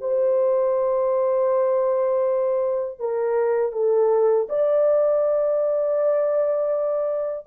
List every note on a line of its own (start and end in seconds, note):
0.00 2.99 C5
2.99 3.72 A#4
3.72 4.47 A4
4.49 7.46 D5